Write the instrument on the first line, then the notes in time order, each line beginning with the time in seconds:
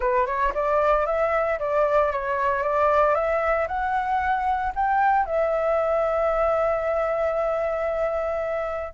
flute
0.00 B4
0.26 C#5
0.54 D5
1.06 E5
1.59 D5
2.11 C#5
2.62 D5
3.14 E5
3.67 F#5
4.75 G5
5.25 E5